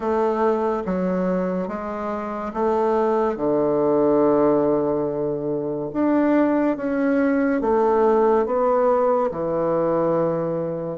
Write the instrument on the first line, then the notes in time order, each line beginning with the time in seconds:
bassoon
0.00 A3
0.85 F#3
1.67 G#3
2.54 A3
3.36 D3
5.93 D4
6.76 C#4
7.61 A3
8.46 B3
9.31 E3